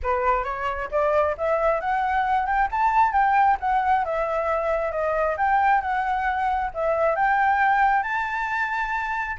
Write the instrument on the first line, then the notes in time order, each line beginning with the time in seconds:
flute
0.02 B4
0.44 C#5
0.91 D5
1.37 E5
1.80 F#5
2.46 G5
2.71 A5
3.12 G5
3.60 F#5
4.04 E5
4.91 D#5
5.37 G5
5.81 F#5
6.73 E5
7.15 G5
8.03 A5